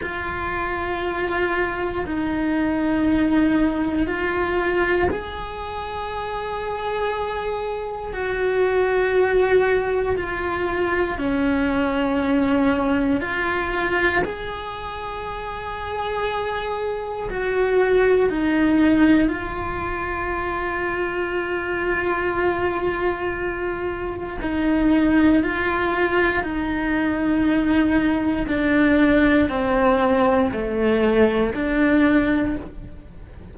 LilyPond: \new Staff \with { instrumentName = "cello" } { \time 4/4 \tempo 4 = 59 f'2 dis'2 | f'4 gis'2. | fis'2 f'4 cis'4~ | cis'4 f'4 gis'2~ |
gis'4 fis'4 dis'4 f'4~ | f'1 | dis'4 f'4 dis'2 | d'4 c'4 a4 d'4 | }